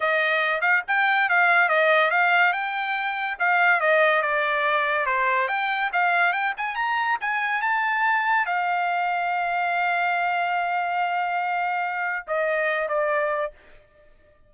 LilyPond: \new Staff \with { instrumentName = "trumpet" } { \time 4/4 \tempo 4 = 142 dis''4. f''8 g''4 f''4 | dis''4 f''4 g''2 | f''4 dis''4 d''2 | c''4 g''4 f''4 g''8 gis''8 |
ais''4 gis''4 a''2 | f''1~ | f''1~ | f''4 dis''4. d''4. | }